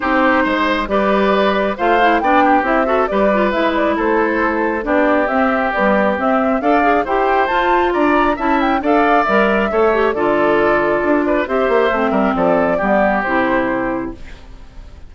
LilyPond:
<<
  \new Staff \with { instrumentName = "flute" } { \time 4/4 \tempo 4 = 136 c''2 d''2 | f''4 g''4 e''4 d''4 | e''8 d''8 c''2 d''4 | e''4 d''4 e''4 f''4 |
g''4 a''4 ais''4 a''8 g''8 | f''4 e''2 d''4~ | d''2 e''2 | d''2 c''2 | }
  \new Staff \with { instrumentName = "oboe" } { \time 4/4 g'4 c''4 b'2 | c''4 d''8 g'4 a'8 b'4~ | b'4 a'2 g'4~ | g'2. d''4 |
c''2 d''4 e''4 | d''2 cis''4 a'4~ | a'4. b'8 c''4. ais'8 | a'4 g'2. | }
  \new Staff \with { instrumentName = "clarinet" } { \time 4/4 dis'2 g'2 | f'8 e'8 d'4 e'8 fis'8 g'8 f'8 | e'2. d'4 | c'4 g4 c'4 a'8 gis'8 |
g'4 f'2 e'4 | a'4 ais'4 a'8 g'8 f'4~ | f'2 g'4 c'4~ | c'4 b4 e'2 | }
  \new Staff \with { instrumentName = "bassoon" } { \time 4/4 c'4 gis4 g2 | a4 b4 c'4 g4 | gis4 a2 b4 | c'4 b4 c'4 d'4 |
e'4 f'4 d'4 cis'4 | d'4 g4 a4 d4~ | d4 d'4 c'8 ais8 a8 g8 | f4 g4 c2 | }
>>